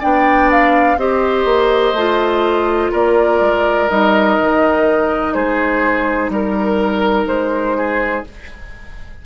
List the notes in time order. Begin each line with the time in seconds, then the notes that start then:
0.00 B3 D4 D5 G5
0.51 F5
0.97 C4 G4 C5 D#5
1.45 A#3
1.93 A3 F4
2.91 A#3 A#4 D5
3.40 G#3
3.89 G3 D#4 D#5
4.39 D#3
5.34 G#3 G#4 C5
6.29 G3 A#4
7.26 G#3 C5
7.77 G#4